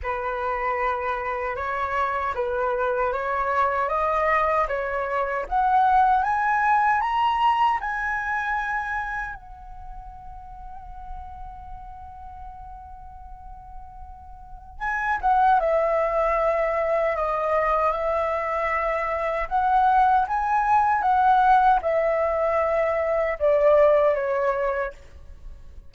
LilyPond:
\new Staff \with { instrumentName = "flute" } { \time 4/4 \tempo 4 = 77 b'2 cis''4 b'4 | cis''4 dis''4 cis''4 fis''4 | gis''4 ais''4 gis''2 | fis''1~ |
fis''2. gis''8 fis''8 | e''2 dis''4 e''4~ | e''4 fis''4 gis''4 fis''4 | e''2 d''4 cis''4 | }